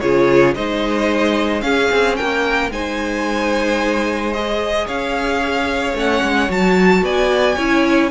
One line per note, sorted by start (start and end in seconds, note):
0.00 0.57 C#3
0.00 0.55 F4
0.00 0.56 G#4
0.00 0.54 C#5
0.55 1.62 G#3
0.55 1.61 D#4
0.55 1.64 C5
0.55 1.61 D#5
1.61 2.69 C#4
1.61 1.89 C#4
1.61 2.18 G#4
1.61 2.16 F5
1.92 2.19 C4
2.16 2.70 A#3
2.16 2.72 A#4
2.16 2.70 G5
2.70 4.86 G#3
2.70 4.34 D#4
2.70 4.86 C5
2.70 4.33 G#5
4.33 5.95 G#4
4.33 4.87 D#5
4.86 5.94 C#4
4.86 7.02 C#5
4.86 5.96 F5
5.94 6.21 A3
5.94 6.49 C#4
5.94 6.51 F#5
6.22 6.49 G#3
6.49 7.02 F#3
6.49 7.57 F#4
6.49 7.05 A5
7.02 7.56 B3
7.02 7.56 D5
7.02 8.11 G#5
7.56 8.11 C#4
7.56 8.11 E4
7.56 8.10 C#5